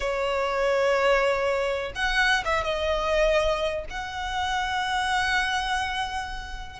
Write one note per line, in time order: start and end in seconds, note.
0.00 1.92 C#5
1.95 2.43 F#5
2.45 2.64 E5
2.64 3.85 D#5
3.90 6.79 F#5